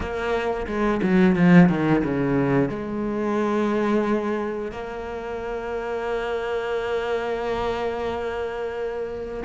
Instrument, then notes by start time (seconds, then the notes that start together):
cello
0.00 A#3
0.66 G#3
1.02 F#3
1.35 F3
1.69 D#3
2.03 C#3
2.69 G#3
4.71 A#3